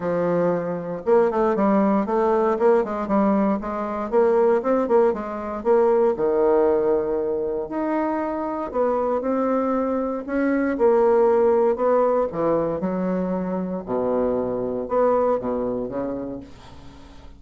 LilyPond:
\new Staff \with { instrumentName = "bassoon" } { \time 4/4 \tempo 4 = 117 f2 ais8 a8 g4 | a4 ais8 gis8 g4 gis4 | ais4 c'8 ais8 gis4 ais4 | dis2. dis'4~ |
dis'4 b4 c'2 | cis'4 ais2 b4 | e4 fis2 b,4~ | b,4 b4 b,4 cis4 | }